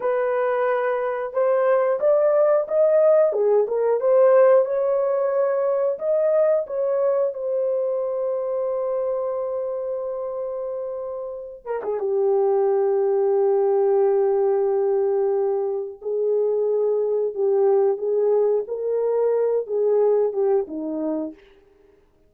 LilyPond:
\new Staff \with { instrumentName = "horn" } { \time 4/4 \tempo 4 = 90 b'2 c''4 d''4 | dis''4 gis'8 ais'8 c''4 cis''4~ | cis''4 dis''4 cis''4 c''4~ | c''1~ |
c''4. ais'16 gis'16 g'2~ | g'1 | gis'2 g'4 gis'4 | ais'4. gis'4 g'8 dis'4 | }